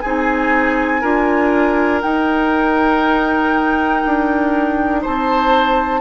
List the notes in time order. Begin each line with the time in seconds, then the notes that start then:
0.00 C4 G#4 G#5
0.06 D#4
1.01 D4 F4 A#4
2.02 D#4 G5
4.05 D4
5.02 C4 C5 A5